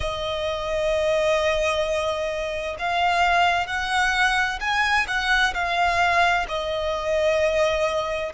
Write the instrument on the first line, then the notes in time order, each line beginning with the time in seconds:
violin
0.00 D#5
2.78 F5
3.66 F#5
4.60 G#5
5.07 F#5
5.53 F5
6.48 D#5